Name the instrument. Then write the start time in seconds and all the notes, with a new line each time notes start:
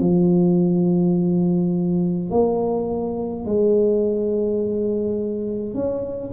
tuba
0.00 F3
2.30 A#3
3.46 G#3
5.74 C#4